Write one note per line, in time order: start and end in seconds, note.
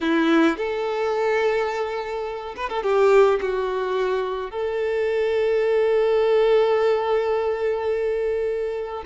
0.00 0.57 E4
0.57 2.55 A4
2.56 2.69 B4
2.69 2.83 A4
2.83 3.39 G4
3.41 4.51 F#4
4.51 9.03 A4